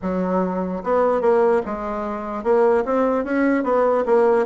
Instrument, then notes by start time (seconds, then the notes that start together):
bassoon
0.02 F#3
0.83 B3
1.21 A#3
1.65 G#3
2.43 A#3
2.85 C4
3.24 C#4
3.63 B3
4.05 A#3